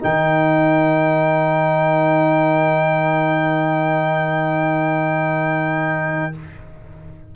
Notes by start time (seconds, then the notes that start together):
0.00 D#3 D#4 A#4 G5